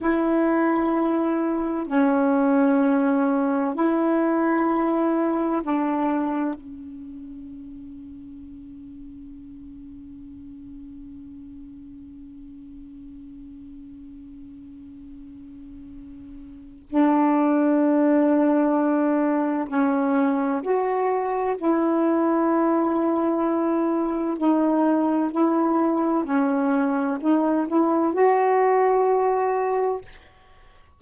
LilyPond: \new Staff \with { instrumentName = "saxophone" } { \time 4/4 \tempo 4 = 64 e'2 cis'2 | e'2 d'4 cis'4~ | cis'1~ | cis'1~ |
cis'2 d'2~ | d'4 cis'4 fis'4 e'4~ | e'2 dis'4 e'4 | cis'4 dis'8 e'8 fis'2 | }